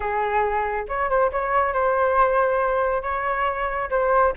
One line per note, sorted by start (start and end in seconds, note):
0.00 0.85 G#4
0.88 1.09 C#5
1.09 1.31 C5
1.31 1.73 C#5
1.73 3.02 C5
3.02 3.89 C#5
3.90 4.33 C5